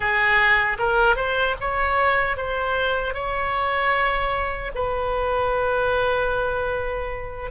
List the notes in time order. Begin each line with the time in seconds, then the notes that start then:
0.00 G#4
0.78 A#4
1.16 C5
1.60 C#5
2.36 C5
3.14 C#5
4.74 B4